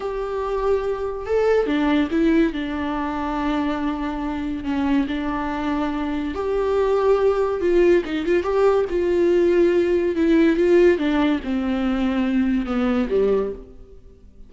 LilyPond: \new Staff \with { instrumentName = "viola" } { \time 4/4 \tempo 4 = 142 g'2. a'4 | d'4 e'4 d'2~ | d'2. cis'4 | d'2. g'4~ |
g'2 f'4 dis'8 f'8 | g'4 f'2. | e'4 f'4 d'4 c'4~ | c'2 b4 g4 | }